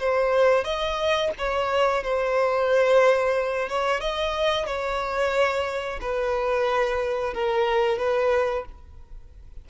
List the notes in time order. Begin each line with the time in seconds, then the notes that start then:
0.00 C5
0.65 D#5
1.39 C#5
2.04 C5
3.69 C#5
4.01 D#5
4.67 C#5
6.02 B4
7.34 A#4
7.99 B4